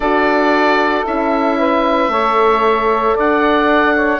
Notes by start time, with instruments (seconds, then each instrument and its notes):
0.00 bassoon D4, horn F#4, saxophone A4, oboe D5
1.04 bassoon C#4, horn E4, oboe E5
1.58 saxophone B4
2.08 bassoon A3, horn A4, saxophone C#5
3.15 bassoon D4, saxophone D5, oboe F#5
3.95 saxophone C#5